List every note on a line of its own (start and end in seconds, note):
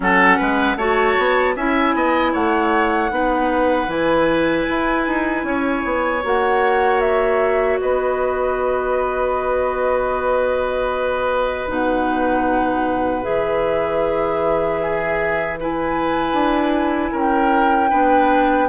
0.00 0.38 F#3
0.00 0.77 C#4
0.00 0.37 A4
0.00 0.77 F#5
0.37 0.76 G#3
0.37 0.76 B4
0.76 1.15 A3
0.76 1.56 F#4
0.76 1.55 C#5
0.76 1.55 A5
1.18 1.56 B3
1.56 1.94 C#4
1.56 3.10 E4
1.56 1.95 E5
1.56 2.33 G#5
1.94 2.33 B3
1.94 2.32 D#5
2.32 3.10 A3
2.32 3.10 C#5
2.32 3.89 F#5
3.10 3.87 B3
3.10 3.87 D#4
3.10 5.46 B4
3.87 4.65 E3
3.87 6.21 E4
3.87 6.23 G#5
4.69 5.07 E4
5.07 5.43 D#4
5.43 5.82 C#4
5.43 7.80 C#5
5.84 6.23 B3
6.23 7.79 A#3
6.23 11.68 F#4
6.23 7.00 F#5
7.00 7.78 E5
7.80 11.68 B3
7.80 14.81 B4
7.80 11.69 D#5
11.68 13.24 B2
11.68 13.22 D#4
11.68 13.23 F#5
13.22 16.32 E3
13.22 15.56 G#4
13.22 15.57 E5
14.81 15.59 G#4
15.59 17.90 E4
15.59 17.11 B4
15.59 17.17 G#5
16.32 17.10 D4
17.11 17.91 C#4
17.11 17.89 A#4
17.17 18.68 G5
17.89 18.68 B3
17.89 18.68 D4
17.89 18.67 B4